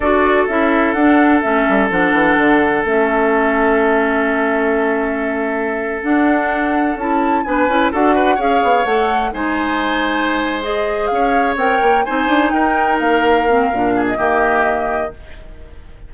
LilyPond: <<
  \new Staff \with { instrumentName = "flute" } { \time 4/4 \tempo 4 = 127 d''4 e''4 fis''4 e''4 | fis''2 e''2~ | e''1~ | e''8. fis''2 a''4 gis''16~ |
gis''8. fis''4 f''4 fis''4 gis''16~ | gis''2~ gis''8 dis''4 f''8~ | f''8 g''4 gis''4 g''4 f''8~ | f''4.~ f''16 dis''2~ dis''16 | }
  \new Staff \with { instrumentName = "oboe" } { \time 4/4 a'1~ | a'1~ | a'1~ | a'2.~ a'8. b'16~ |
b'8. a'8 b'8 cis''2 c''16~ | c''2.~ c''8 cis''8~ | cis''4. c''4 ais'4.~ | ais'4. gis'8 g'2 | }
  \new Staff \with { instrumentName = "clarinet" } { \time 4/4 fis'4 e'4 d'4 cis'4 | d'2 cis'2~ | cis'1~ | cis'8. d'2 e'4 d'16~ |
d'16 e'8 fis'4 gis'4 a'4 dis'16~ | dis'2~ dis'8 gis'4.~ | gis'8 ais'4 dis'2~ dis'8~ | dis'8 c'8 d'4 ais2 | }
  \new Staff \with { instrumentName = "bassoon" } { \time 4/4 d'4 cis'4 d'4 a8 g8 | f8 e8 d4 a2~ | a1~ | a8. d'2 cis'4 b16~ |
b16 cis'8 d'4 cis'8 b8 a4 gis16~ | gis2.~ gis8 cis'8~ | cis'8 c'8 ais8 c'8 d'8 dis'4 ais8~ | ais4 ais,4 dis2 | }
>>